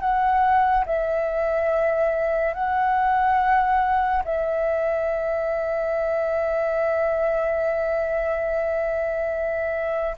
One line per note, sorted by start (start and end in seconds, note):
0.00 0.85 F#5
0.86 2.54 E5
2.54 4.23 F#5
4.24 10.16 E5